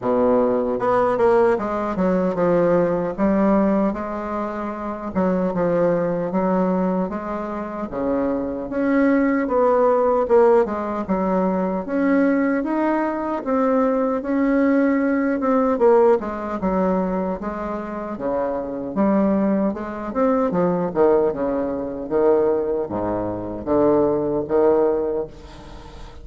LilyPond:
\new Staff \with { instrumentName = "bassoon" } { \time 4/4 \tempo 4 = 76 b,4 b8 ais8 gis8 fis8 f4 | g4 gis4. fis8 f4 | fis4 gis4 cis4 cis'4 | b4 ais8 gis8 fis4 cis'4 |
dis'4 c'4 cis'4. c'8 | ais8 gis8 fis4 gis4 cis4 | g4 gis8 c'8 f8 dis8 cis4 | dis4 gis,4 d4 dis4 | }